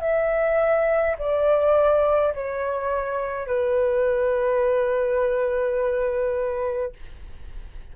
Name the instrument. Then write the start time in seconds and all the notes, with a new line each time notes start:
flute
0.00 E5
1.18 D5
2.33 C#5
3.46 B4